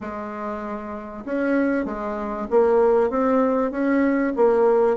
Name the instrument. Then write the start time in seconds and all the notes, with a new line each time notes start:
bassoon
0.00 G#3
1.25 C#4
1.85 G#3
2.50 A#3
3.10 C4
3.71 C#4
4.36 A#3